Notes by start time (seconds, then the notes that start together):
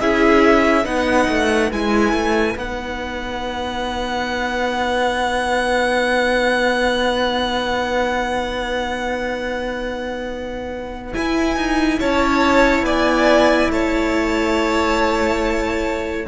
0.00 C#4 E4 G#4 E5
0.84 B3 D#4 B4 F#5
1.28 A3
1.71 G#3 E4 G#5
2.12 A3
2.56 B3 D#4 F#5
11.12 E4 G#5
11.56 D#4
11.99 C#4 C#5 A5
12.82 B3 D5 G#5
13.69 A3 C#5 A5